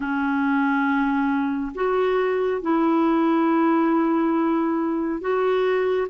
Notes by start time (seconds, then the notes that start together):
0.00 C#4
1.74 F#4
2.61 E4
5.20 F#4